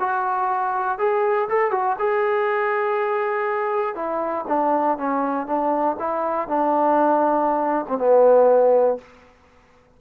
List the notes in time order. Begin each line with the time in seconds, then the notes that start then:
0.00 F#4
0.99 G#4
1.49 A4
1.71 F#4
1.99 G#4
3.96 E4
4.48 D4
4.98 C#4
5.47 D4
5.99 E4
6.48 D4
7.89 C4
7.98 B3